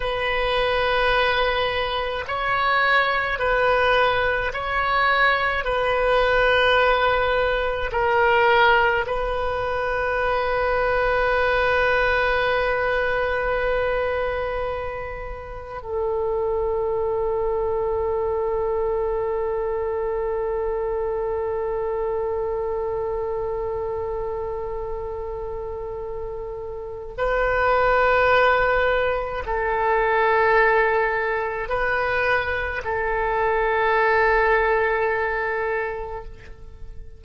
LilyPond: \new Staff \with { instrumentName = "oboe" } { \time 4/4 \tempo 4 = 53 b'2 cis''4 b'4 | cis''4 b'2 ais'4 | b'1~ | b'2 a'2~ |
a'1~ | a'1 | b'2 a'2 | b'4 a'2. | }